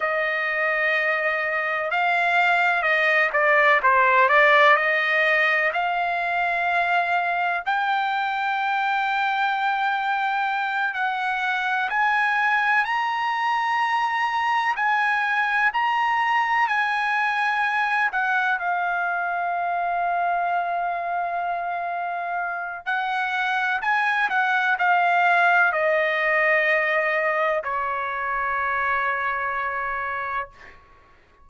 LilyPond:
\new Staff \with { instrumentName = "trumpet" } { \time 4/4 \tempo 4 = 63 dis''2 f''4 dis''8 d''8 | c''8 d''8 dis''4 f''2 | g''2.~ g''8 fis''8~ | fis''8 gis''4 ais''2 gis''8~ |
gis''8 ais''4 gis''4. fis''8 f''8~ | f''1 | fis''4 gis''8 fis''8 f''4 dis''4~ | dis''4 cis''2. | }